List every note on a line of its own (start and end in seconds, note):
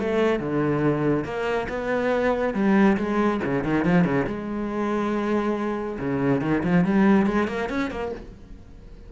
0.00 0.40 A3
0.40 1.25 D3
1.25 1.68 A#3
1.69 2.54 B3
2.54 2.97 G3
2.98 3.41 G#3
3.44 3.64 C#3
3.64 3.85 D#3
3.85 4.05 F3
4.05 4.26 C#3
4.27 5.99 G#3
6.00 6.41 C#3
6.41 6.63 D#3
6.64 6.85 F3
6.85 7.27 G3
7.27 7.48 G#3
7.48 7.69 A#3
7.69 7.91 C#4
7.91 8.13 A#3